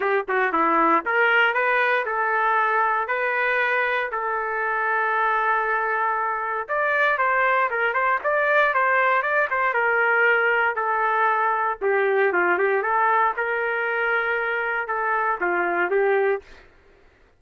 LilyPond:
\new Staff \with { instrumentName = "trumpet" } { \time 4/4 \tempo 4 = 117 g'8 fis'8 e'4 ais'4 b'4 | a'2 b'2 | a'1~ | a'4 d''4 c''4 ais'8 c''8 |
d''4 c''4 d''8 c''8 ais'4~ | ais'4 a'2 g'4 | f'8 g'8 a'4 ais'2~ | ais'4 a'4 f'4 g'4 | }